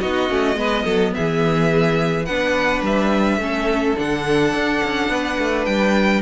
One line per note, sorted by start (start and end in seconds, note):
0.00 0.30 B3
0.00 0.28 D#4
0.00 0.57 F#4
0.00 1.13 D#5
0.28 0.56 A3
0.28 0.55 C#4
0.55 0.84 G#3
0.55 2.24 B3
0.55 0.83 B4
0.83 1.13 F#3
0.83 1.12 A4
1.14 2.28 E3
1.14 2.25 G#4
1.14 2.25 E5
2.25 2.81 B3
2.25 3.40 D4
2.25 3.39 B4
2.25 2.81 F#5
2.81 3.37 G3
2.81 3.98 E5
3.37 3.94 A3
3.37 3.96 C#4
3.37 5.12 A4
3.96 4.53 D3
3.96 6.21 D4
3.96 5.65 F#5
4.53 4.81 D4
4.83 5.08 C#4
5.08 5.37 B3
5.08 6.21 B4
5.38 5.66 A3
5.65 6.21 G3
5.65 6.21 G5